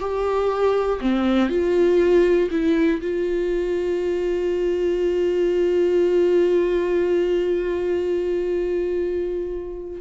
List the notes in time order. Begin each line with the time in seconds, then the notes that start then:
0.00 G4
1.00 C4
1.49 F4
2.50 E4
3.01 F4